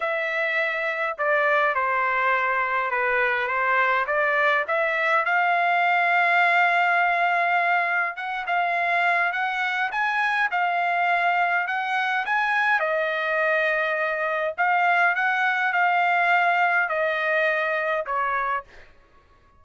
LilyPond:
\new Staff \with { instrumentName = "trumpet" } { \time 4/4 \tempo 4 = 103 e''2 d''4 c''4~ | c''4 b'4 c''4 d''4 | e''4 f''2.~ | f''2 fis''8 f''4. |
fis''4 gis''4 f''2 | fis''4 gis''4 dis''2~ | dis''4 f''4 fis''4 f''4~ | f''4 dis''2 cis''4 | }